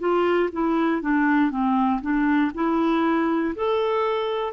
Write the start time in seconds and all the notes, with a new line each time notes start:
0.00 F4
0.53 E4
1.02 D4
1.51 C4
2.02 D4
2.55 E4
3.55 A4